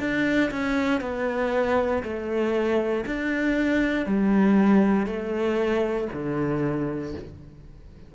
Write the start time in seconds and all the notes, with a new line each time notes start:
0.00 D4
0.51 C#4
1.01 B3
2.03 A3
3.06 D4
4.06 G3
5.07 A3
6.13 D3